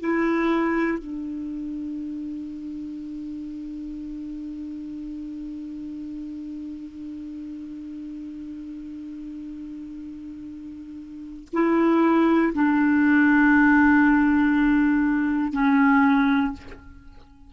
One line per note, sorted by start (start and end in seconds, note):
0.00 0.98 E4
0.98 11.48 D4
11.53 12.53 E4
12.54 15.52 D4
15.52 16.52 C#4